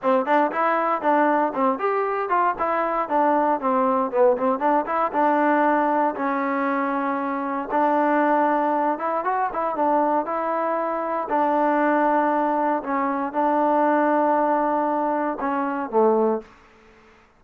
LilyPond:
\new Staff \with { instrumentName = "trombone" } { \time 4/4 \tempo 4 = 117 c'8 d'8 e'4 d'4 c'8 g'8~ | g'8 f'8 e'4 d'4 c'4 | b8 c'8 d'8 e'8 d'2 | cis'2. d'4~ |
d'4. e'8 fis'8 e'8 d'4 | e'2 d'2~ | d'4 cis'4 d'2~ | d'2 cis'4 a4 | }